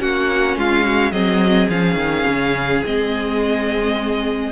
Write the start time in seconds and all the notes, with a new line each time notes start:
0.00 A#3 C#4 F#4 F#5
0.56 G#3 F4 F5
0.84 F#4
1.11 F#3 C4 G#4 D#5
1.70 F3 C#4 F5
1.95 D#3
2.26 C#3
2.85 G#3 C4 D#5